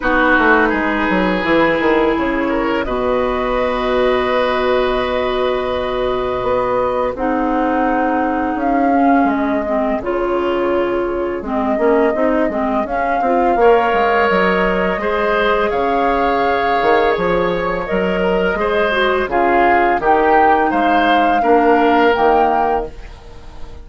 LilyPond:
<<
  \new Staff \with { instrumentName = "flute" } { \time 4/4 \tempo 4 = 84 b'2. cis''4 | dis''1~ | dis''2 fis''2 | f''4 dis''4 cis''2 |
dis''2 f''2 | dis''2 f''2 | cis''4 dis''2 f''4 | g''4 f''2 g''4 | }
  \new Staff \with { instrumentName = "oboe" } { \time 4/4 fis'4 gis'2~ gis'8 ais'8 | b'1~ | b'2 gis'2~ | gis'1~ |
gis'2. cis''4~ | cis''4 c''4 cis''2~ | cis''4. ais'8 c''4 gis'4 | g'4 c''4 ais'2 | }
  \new Staff \with { instrumentName = "clarinet" } { \time 4/4 dis'2 e'2 | fis'1~ | fis'2 dis'2~ | dis'8 cis'4 c'8 f'2 |
c'8 cis'8 dis'8 c'8 cis'8 f'8 ais'4~ | ais'4 gis'2.~ | gis'4 ais'4 gis'8 fis'8 f'4 | dis'2 d'4 ais4 | }
  \new Staff \with { instrumentName = "bassoon" } { \time 4/4 b8 a8 gis8 fis8 e8 dis8 cis4 | b,1~ | b,4 b4 c'2 | cis'4 gis4 cis2 |
gis8 ais8 c'8 gis8 cis'8 c'8 ais8 gis8 | fis4 gis4 cis4. dis8 | f4 fis4 gis4 cis4 | dis4 gis4 ais4 dis4 | }
>>